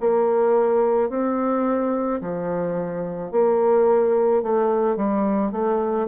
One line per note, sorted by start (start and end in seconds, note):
0.00 1.09 A#3
1.09 2.20 C4
2.21 3.31 F3
3.31 4.42 A#3
4.42 4.96 A3
4.96 5.52 G3
5.52 6.07 A3